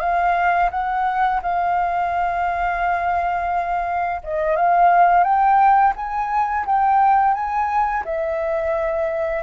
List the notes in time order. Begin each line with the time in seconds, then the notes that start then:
0.00 F5
0.71 F#5
1.42 F5
4.23 D#5
4.56 F5
5.23 G5
5.96 G#5
6.66 G5
7.34 G#5
8.05 E5